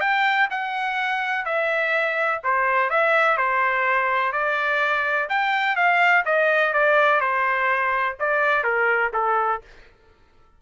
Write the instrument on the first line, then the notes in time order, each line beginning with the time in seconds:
trumpet
0.00 G5
0.50 F#5
1.45 E5
2.43 C5
2.90 E5
3.37 C5
4.32 D5
5.29 G5
5.76 F5
6.25 D#5
6.73 D5
7.20 C5
8.19 D5
8.63 A#4
9.13 A4